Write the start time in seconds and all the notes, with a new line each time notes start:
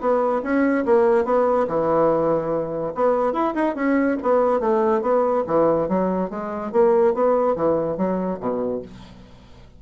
0.00 B3
0.43 C#4
0.85 A#3
1.25 B3
1.67 E3
2.95 B3
3.33 E4
3.55 D#4
3.75 C#4
4.22 B3
4.60 A3
5.02 B3
5.47 E3
5.88 F#3
6.30 G#3
6.72 A#3
7.14 B3
7.56 E3
7.97 F#3
8.40 B2